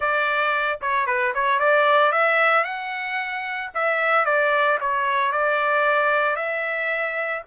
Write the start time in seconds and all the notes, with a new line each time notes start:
0.00 D5
0.81 C#5
1.06 B4
1.34 C#5
1.59 D5
2.11 E5
2.64 F#5
3.74 E5
4.25 D5
4.80 C#5
5.31 D5
6.36 E5